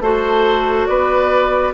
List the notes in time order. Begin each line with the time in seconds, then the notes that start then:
0.00 A3 F#4 A4 C5
0.86 B3 B4 D5